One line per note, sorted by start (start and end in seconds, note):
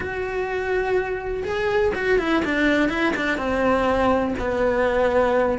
0.00 1.43 F#4
1.44 1.92 G#4
1.94 2.18 F#4
2.19 2.43 E4
2.44 2.89 D4
2.89 3.13 E4
3.16 3.37 D4
3.37 4.34 C4
4.38 5.58 B3